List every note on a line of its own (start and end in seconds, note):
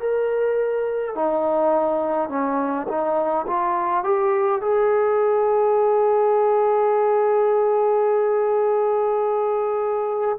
0.00 1.15 A#4
1.15 2.30 D#4
2.30 2.87 C#4
2.88 3.46 D#4
3.47 4.04 F4
4.04 4.62 G4
4.62 10.38 G#4